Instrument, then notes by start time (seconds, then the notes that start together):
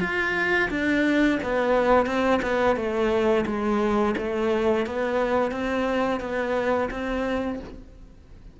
cello
0.00 F4
0.70 D4
1.43 B3
2.06 C4
2.42 B3
2.76 A3
3.46 G#3
4.17 A3
4.86 B3
5.51 C4
6.20 B3
6.90 C4